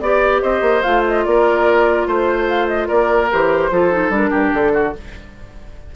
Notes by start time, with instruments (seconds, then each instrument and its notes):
0.00 bassoon B3, clarinet G4, flute D5, oboe D5
0.42 bassoon C4, oboe C5, flute D#5
0.61 bassoon A#3
0.82 bassoon A3, clarinet F4, flute F5
1.08 flute D#5
1.25 bassoon A#3, oboe A#4, flute D5
2.07 bassoon A3, flute C5, oboe C5
2.48 flute F5
2.67 flute D#5
2.88 bassoon A#3, oboe A#4, flute D5
3.31 bassoon E3, clarinet G4, flute C5
3.70 bassoon F3, clarinet F4, oboe A4
3.91 clarinet D#4
4.09 bassoon G3, clarinet D4, flute A#4
4.30 bassoon G2, oboe G4
4.54 bassoon D3, flute A4
4.73 oboe F#4